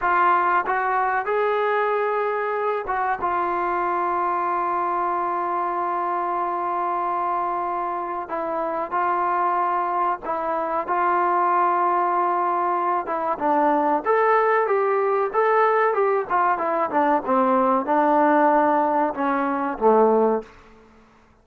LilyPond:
\new Staff \with { instrumentName = "trombone" } { \time 4/4 \tempo 4 = 94 f'4 fis'4 gis'2~ | gis'8 fis'8 f'2.~ | f'1~ | f'4 e'4 f'2 |
e'4 f'2.~ | f'8 e'8 d'4 a'4 g'4 | a'4 g'8 f'8 e'8 d'8 c'4 | d'2 cis'4 a4 | }